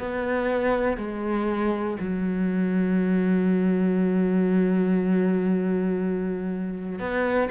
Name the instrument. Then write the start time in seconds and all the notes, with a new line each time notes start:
cello
0.00 B3
0.98 G#3
2.00 F#3
7.00 B3